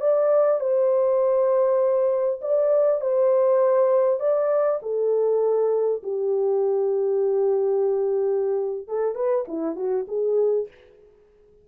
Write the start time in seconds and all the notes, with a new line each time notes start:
0.00 D5
0.60 C5
2.41 D5
3.01 C5
4.20 D5
4.82 A4
6.03 G4
8.87 A4
9.15 B4
9.47 E4
9.76 F#4
10.08 G#4